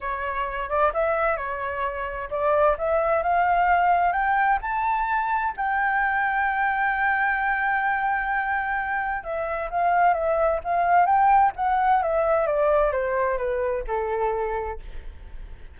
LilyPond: \new Staff \with { instrumentName = "flute" } { \time 4/4 \tempo 4 = 130 cis''4. d''8 e''4 cis''4~ | cis''4 d''4 e''4 f''4~ | f''4 g''4 a''2 | g''1~ |
g''1 | e''4 f''4 e''4 f''4 | g''4 fis''4 e''4 d''4 | c''4 b'4 a'2 | }